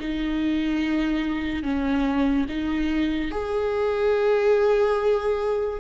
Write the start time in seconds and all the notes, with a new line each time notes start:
0.00 D#4
1.63 C#4
2.49 D#4
3.31 G#4